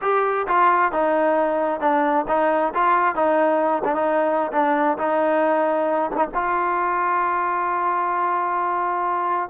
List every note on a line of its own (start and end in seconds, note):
0.01 0.46 G4
0.47 0.92 F4
0.92 1.80 D#4
1.80 2.25 D4
2.28 2.73 D#4
2.74 3.15 F4
3.15 3.82 D#4
3.84 3.95 D4
3.95 4.51 D#4
4.52 4.97 D4
4.97 6.10 D#4
6.11 6.16 D4
6.11 6.27 D#4
6.34 9.49 F4